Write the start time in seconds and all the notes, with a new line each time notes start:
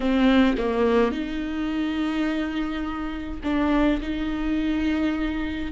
0.00 C4
0.57 A#3
1.11 D#4
3.43 D4
4.01 D#4